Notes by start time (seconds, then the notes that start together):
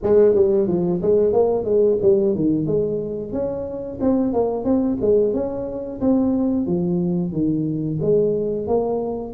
0.02 G#3
0.34 G3
0.67 F3
1.02 G#3
1.32 A#3
1.64 G#3
2.02 G3
2.35 D#3
2.66 G#3
3.32 C#4
4.00 C4
4.33 A#3
4.64 C4
5.01 G#3
5.33 C#4
6.00 C4
6.66 F3
7.32 D#3
8.02 G#3
8.67 A#3